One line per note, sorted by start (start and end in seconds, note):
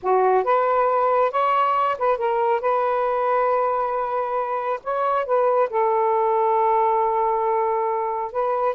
0.02 0.44 F#4
0.44 1.31 B4
1.31 1.96 C#5
1.98 2.17 B4
2.17 2.61 A#4
2.61 4.80 B4
4.83 5.25 C#5
5.25 5.69 B4
5.69 8.32 A4
8.32 8.75 B4